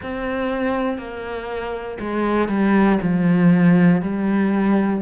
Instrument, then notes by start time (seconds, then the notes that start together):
cello
0.02 C4
0.98 A#3
2.00 G#3
2.48 G3
3.02 F3
4.01 G3